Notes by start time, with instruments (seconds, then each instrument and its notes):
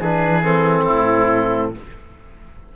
0.00 cello E3, trombone D4, oboe G#4, clarinet B4
0.43 trombone C4, clarinet A4
0.84 cello A2, oboe E4